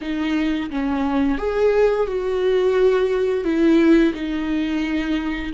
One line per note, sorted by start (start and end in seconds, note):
0.01 0.70 D#4
0.70 1.38 C#4
1.38 2.07 G#4
2.07 3.44 F#4
3.44 4.13 E4
4.13 5.51 D#4